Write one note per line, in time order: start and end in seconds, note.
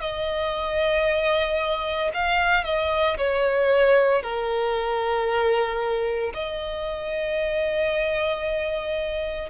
0.00 2.11 D#5
2.13 2.64 F5
2.64 3.17 D#5
3.17 4.22 C#5
4.22 6.33 A#4
6.33 9.49 D#5